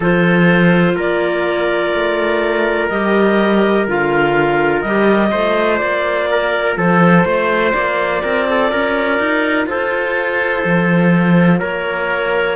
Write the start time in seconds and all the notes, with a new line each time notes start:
0.00 F3 F4 A4 C5
0.95 A#3 A#4 D5
1.93 A3
2.89 G3 G4 D#5
3.87 D3 F4 F5
4.81 G3 G4 D#5
5.31 A3 F4 C5
5.77 A#3 D5
6.30 A#4
6.76 F3 A4 C5
7.25 A3 C5
7.72 A#3 D5
8.22 C4 A#4
8.50 A4
8.70 C#4 A#4
9.19 D#4
9.66 F4 A4 C5
10.64 F3
11.59 A#3 A#4 C#5